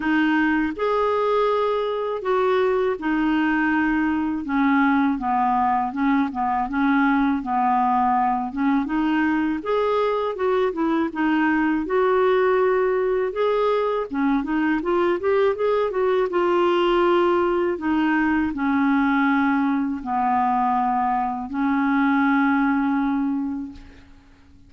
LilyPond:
\new Staff \with { instrumentName = "clarinet" } { \time 4/4 \tempo 4 = 81 dis'4 gis'2 fis'4 | dis'2 cis'4 b4 | cis'8 b8 cis'4 b4. cis'8 | dis'4 gis'4 fis'8 e'8 dis'4 |
fis'2 gis'4 cis'8 dis'8 | f'8 g'8 gis'8 fis'8 f'2 | dis'4 cis'2 b4~ | b4 cis'2. | }